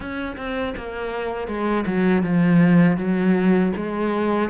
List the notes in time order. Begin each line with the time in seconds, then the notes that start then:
0.00 C#4
0.36 C4
0.77 A#3
1.47 G#3
1.86 F#3
2.22 F3
2.97 F#3
3.76 G#3